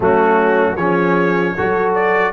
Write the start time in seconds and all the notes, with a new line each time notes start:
0.00 F#3 A3 C#4 F#4
0.75 F3 C#4 G#4 C#5
1.55 F#3 F#4 A4
1.94 D5